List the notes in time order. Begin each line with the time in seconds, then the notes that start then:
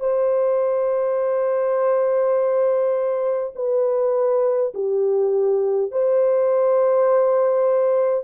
0.00 C5
3.55 B4
4.74 G4
5.91 C5